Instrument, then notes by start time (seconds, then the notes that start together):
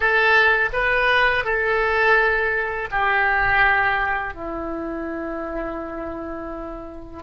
oboe
0.00 A4
0.73 B4
1.44 A4
2.91 G4
4.34 E4